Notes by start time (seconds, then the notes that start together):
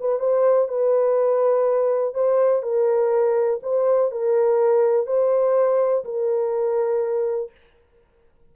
0.00 B4
0.19 C5
0.68 B4
2.14 C5
2.63 A#4
3.63 C5
4.11 A#4
5.07 C5
6.04 A#4